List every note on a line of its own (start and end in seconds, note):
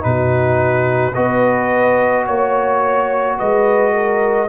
0.00 1.16 B2
0.00 1.11 D#4
0.00 1.14 B4
0.06 1.14 F#4
1.14 2.28 B3
1.14 4.48 F#4
1.14 2.25 B4
1.14 2.25 D#5
2.26 3.39 A#3
2.26 3.37 C#5
3.37 4.48 G#3
3.37 3.92 B4
3.37 4.48 D#5
3.92 4.47 A#4